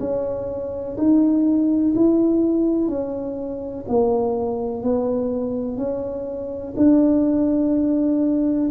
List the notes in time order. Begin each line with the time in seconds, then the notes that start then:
0.00 C#4
0.97 D#4
1.95 E4
2.89 C#4
3.88 A#3
4.83 B3
5.77 C#4
6.77 D4